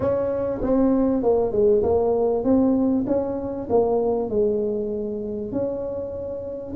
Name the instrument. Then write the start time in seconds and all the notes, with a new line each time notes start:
tuba
0.00 C#4
0.61 C4
1.22 A#3
1.52 G#3
1.83 A#3
2.44 C4
3.06 C#4
3.69 A#3
4.29 G#3
5.52 C#4